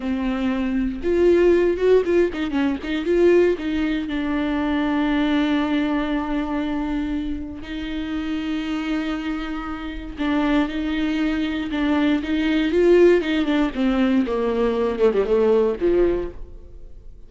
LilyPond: \new Staff \with { instrumentName = "viola" } { \time 4/4 \tempo 4 = 118 c'2 f'4. fis'8 | f'8 dis'8 cis'8 dis'8 f'4 dis'4 | d'1~ | d'2. dis'4~ |
dis'1 | d'4 dis'2 d'4 | dis'4 f'4 dis'8 d'8 c'4 | ais4. a16 g16 a4 f4 | }